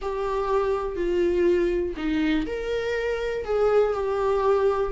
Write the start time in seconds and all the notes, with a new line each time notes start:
0.01 G4
0.96 F4
1.96 D#4
2.46 A#4
3.44 G#4
3.93 G4